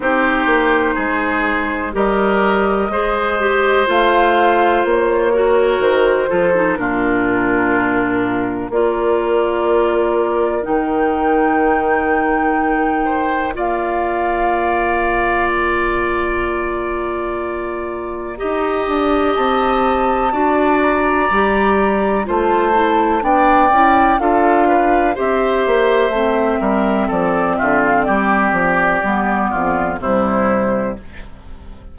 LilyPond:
<<
  \new Staff \with { instrumentName = "flute" } { \time 4/4 \tempo 4 = 62 c''2 dis''2 | f''4 cis''4 c''4 ais'4~ | ais'4 d''2 g''4~ | g''2 f''2 |
ais''1 | a''4. ais''4. a''4 | g''4 f''4 e''2 | d''8 e''16 f''16 d''2 c''4 | }
  \new Staff \with { instrumentName = "oboe" } { \time 4/4 g'4 gis'4 ais'4 c''4~ | c''4. ais'4 a'8 f'4~ | f'4 ais'2.~ | ais'4. c''8 d''2~ |
d''2. dis''4~ | dis''4 d''2 c''4 | d''4 a'8 b'8 c''4. ais'8 | a'8 f'8 g'4. f'8 e'4 | }
  \new Staff \with { instrumentName = "clarinet" } { \time 4/4 dis'2 g'4 gis'8 g'8 | f'4. fis'4 f'16 dis'16 d'4~ | d'4 f'2 dis'4~ | dis'2 f'2~ |
f'2. g'4~ | g'4 fis'4 g'4 f'8 e'8 | d'8 e'8 f'4 g'4 c'4~ | c'2 b4 g4 | }
  \new Staff \with { instrumentName = "bassoon" } { \time 4/4 c'8 ais8 gis4 g4 gis4 | a4 ais4 dis8 f8 ais,4~ | ais,4 ais2 dis4~ | dis2 ais2~ |
ais2. dis'8 d'8 | c'4 d'4 g4 a4 | b8 cis'8 d'4 c'8 ais8 a8 g8 | f8 d8 g8 f8 g8 f,8 c4 | }
>>